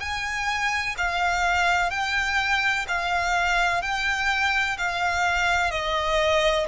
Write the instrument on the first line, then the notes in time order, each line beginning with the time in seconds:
violin
0.00 G#5
0.97 F5
1.90 G5
2.88 F5
3.82 G5
4.77 F5
5.71 D#5